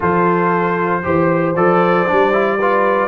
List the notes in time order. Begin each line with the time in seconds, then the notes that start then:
0.00 F3 F4 A4 C5
1.03 E3 G4 C5
1.55 F3 A4 D5
2.07 G3 D4
2.32 E4
2.59 F4 B4